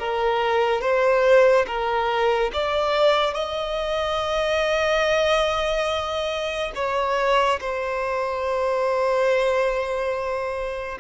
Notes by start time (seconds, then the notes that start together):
0.00 A#4
0.81 C5
1.67 A#4
2.54 D5
3.35 D#5
6.76 C#5
7.61 C5